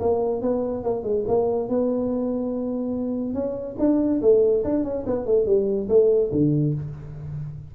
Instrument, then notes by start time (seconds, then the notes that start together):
tuba
0.00 A#3
0.42 B3
0.84 A#3
1.04 G#3
1.28 A#3
1.69 B3
3.34 C#4
3.79 D4
4.22 A3
4.64 D4
4.84 C#4
5.06 B3
5.26 A3
5.46 G3
5.89 A3
6.32 D3